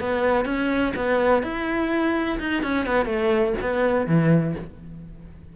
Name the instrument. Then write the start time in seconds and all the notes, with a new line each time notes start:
cello
0.00 B3
0.45 C#4
0.96 B3
1.43 E4
2.40 D#4
2.63 C#4
2.86 B3
3.06 A3
3.61 B3
4.07 E3